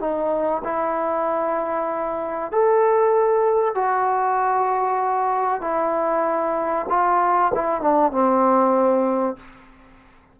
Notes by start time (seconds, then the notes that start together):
0.00 D#4
0.64 E4
2.52 A4
3.75 F#4
5.61 E4
6.89 F4
7.55 E4
7.81 D4
8.12 C4